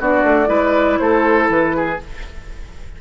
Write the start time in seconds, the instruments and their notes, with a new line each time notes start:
0.00 bassoon B3, clarinet D4, oboe F#4, flute D5
0.23 bassoon A3
0.46 bassoon G#3, clarinet E4, oboe B4
0.99 bassoon A3, oboe A4, flute C5
1.49 bassoon E3, flute B4
1.76 oboe G#4